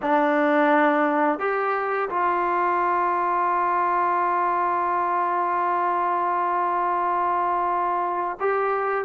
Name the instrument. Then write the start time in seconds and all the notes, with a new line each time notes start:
trombone
0.02 D4
1.39 G4
2.09 F4
8.40 G4